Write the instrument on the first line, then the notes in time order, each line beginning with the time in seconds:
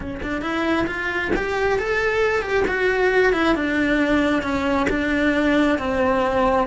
cello
0.00 C#4
0.22 D4
0.41 E4
0.86 F4
1.36 G4
1.78 A4
2.42 G4
2.67 F#4
3.33 E4
3.55 D4
4.42 C#4
4.89 D4
5.78 C4